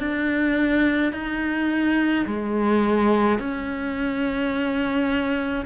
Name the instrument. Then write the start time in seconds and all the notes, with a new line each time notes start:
cello
0.00 D4
1.13 D#4
2.26 G#3
3.39 C#4